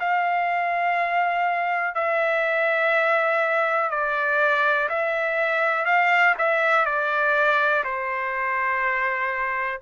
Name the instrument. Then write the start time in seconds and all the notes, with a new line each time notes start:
trumpet
0.00 F5
1.95 E5
3.91 D5
4.89 E5
5.85 F5
6.38 E5
6.86 D5
7.84 C5